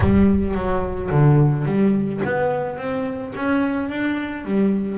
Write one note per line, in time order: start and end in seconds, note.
0.00 0.54 G3
0.54 1.10 F#3
1.10 1.65 D3
1.65 2.20 G3
2.24 2.77 B3
2.77 3.33 C4
3.35 3.89 C#4
3.89 4.44 D4
4.44 4.98 G3